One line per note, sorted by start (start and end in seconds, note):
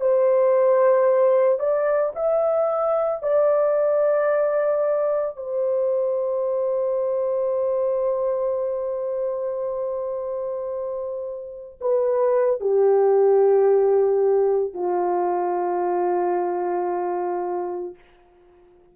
0.00 1.59 C5
1.59 2.12 D5
2.15 3.22 E5
3.22 5.36 D5
5.36 11.79 C5
11.81 12.60 B4
12.60 14.73 G4
14.73 17.95 F4